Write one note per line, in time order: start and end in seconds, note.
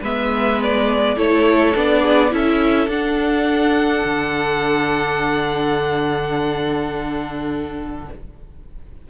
0.00 1.16 G#3
0.00 1.16 B3
0.00 1.15 B4
0.00 0.61 E5
0.62 1.18 D5
1.16 1.74 A3
1.16 1.74 E4
1.16 2.01 A4
1.16 1.75 C#5
1.75 2.33 B3
1.75 2.30 D4
1.75 2.33 D5
2.01 2.30 G#4
2.30 2.87 C#4
2.30 2.87 E4
2.30 8.10 A4
2.30 2.89 E5
2.87 4.03 D4
2.87 8.09 D4
2.87 8.08 F#5
4.04 8.08 D3